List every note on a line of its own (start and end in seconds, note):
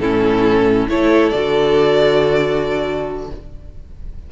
0.00 0.88 A2
0.00 0.89 C#4
0.00 0.90 E4
0.00 0.88 A4
0.89 1.33 A3
0.89 1.32 E4
0.89 3.30 A4
0.89 1.30 C#5
1.30 3.31 D3
1.30 3.32 F#4
1.30 3.27 D5